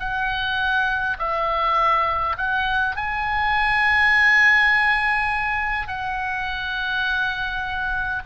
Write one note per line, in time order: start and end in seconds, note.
0.00 1.18 F#5
1.19 2.37 E5
2.37 2.96 F#5
2.96 5.88 G#5
5.88 8.23 F#5